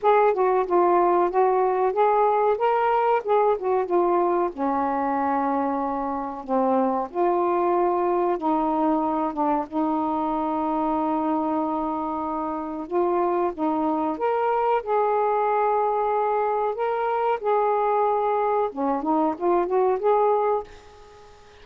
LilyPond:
\new Staff \with { instrumentName = "saxophone" } { \time 4/4 \tempo 4 = 93 gis'8 fis'8 f'4 fis'4 gis'4 | ais'4 gis'8 fis'8 f'4 cis'4~ | cis'2 c'4 f'4~ | f'4 dis'4. d'8 dis'4~ |
dis'1 | f'4 dis'4 ais'4 gis'4~ | gis'2 ais'4 gis'4~ | gis'4 cis'8 dis'8 f'8 fis'8 gis'4 | }